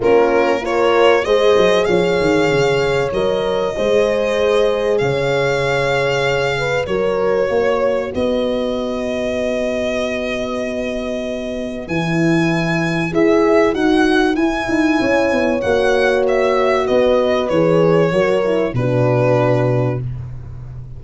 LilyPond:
<<
  \new Staff \with { instrumentName = "violin" } { \time 4/4 \tempo 4 = 96 ais'4 cis''4 dis''4 f''4~ | f''4 dis''2. | f''2. cis''4~ | cis''4 dis''2.~ |
dis''2. gis''4~ | gis''4 e''4 fis''4 gis''4~ | gis''4 fis''4 e''4 dis''4 | cis''2 b'2 | }
  \new Staff \with { instrumentName = "horn" } { \time 4/4 f'4 ais'4 c''4 cis''4~ | cis''2 c''2 | cis''2~ cis''8 b'8 ais'4 | cis''4 b'2.~ |
b'1~ | b'1 | cis''2. b'4~ | b'4 ais'4 fis'2 | }
  \new Staff \with { instrumentName = "horn" } { \time 4/4 cis'4 f'4 gis'2~ | gis'4 ais'4 gis'2~ | gis'2. fis'4~ | fis'1~ |
fis'2. e'4~ | e'4 gis'4 fis'4 e'4~ | e'4 fis'2. | gis'4 fis'8 e'8 d'2 | }
  \new Staff \with { instrumentName = "tuba" } { \time 4/4 ais2 gis8 fis8 f8 dis8 | cis4 fis4 gis2 | cis2. fis4 | ais4 b2.~ |
b2. e4~ | e4 e'4 dis'4 e'8 dis'8 | cis'8 b8 ais2 b4 | e4 fis4 b,2 | }
>>